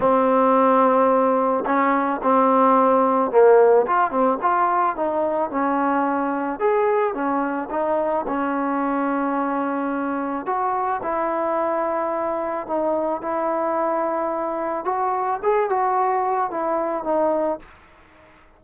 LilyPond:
\new Staff \with { instrumentName = "trombone" } { \time 4/4 \tempo 4 = 109 c'2. cis'4 | c'2 ais4 f'8 c'8 | f'4 dis'4 cis'2 | gis'4 cis'4 dis'4 cis'4~ |
cis'2. fis'4 | e'2. dis'4 | e'2. fis'4 | gis'8 fis'4. e'4 dis'4 | }